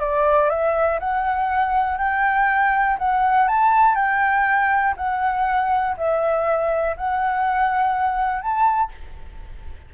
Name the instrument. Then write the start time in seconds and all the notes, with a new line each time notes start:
flute
0.00 D5
0.50 E5
1.00 F#5
1.98 G5
2.98 F#5
3.48 A5
3.95 G5
4.97 F#5
5.97 E5
6.97 F#5
8.42 A5